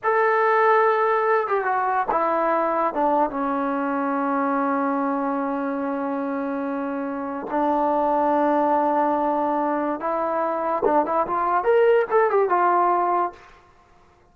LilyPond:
\new Staff \with { instrumentName = "trombone" } { \time 4/4 \tempo 4 = 144 a'2.~ a'8 g'8 | fis'4 e'2 d'4 | cis'1~ | cis'1~ |
cis'2 d'2~ | d'1 | e'2 d'8 e'8 f'4 | ais'4 a'8 g'8 f'2 | }